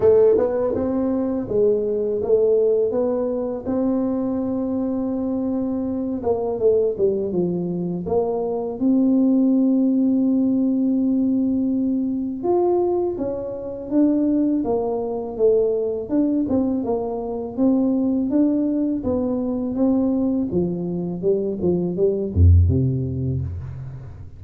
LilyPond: \new Staff \with { instrumentName = "tuba" } { \time 4/4 \tempo 4 = 82 a8 b8 c'4 gis4 a4 | b4 c'2.~ | c'8 ais8 a8 g8 f4 ais4 | c'1~ |
c'4 f'4 cis'4 d'4 | ais4 a4 d'8 c'8 ais4 | c'4 d'4 b4 c'4 | f4 g8 f8 g8 f,8 c4 | }